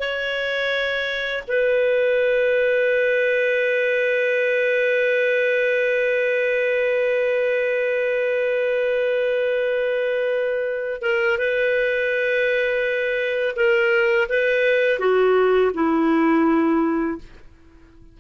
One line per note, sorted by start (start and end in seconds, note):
0.00 1.45 C#5
1.48 11.02 B4
11.02 11.38 A#4
11.39 13.55 B4
13.56 14.29 A#4
14.29 15.00 B4
15.00 15.72 F#4
15.74 17.19 E4